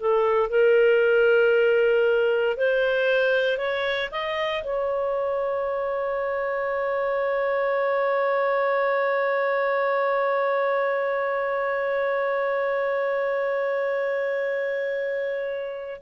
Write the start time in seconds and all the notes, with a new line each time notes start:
0.00 A4
0.50 A#4
2.57 C5
3.58 C#5
4.11 D#5
4.64 C#5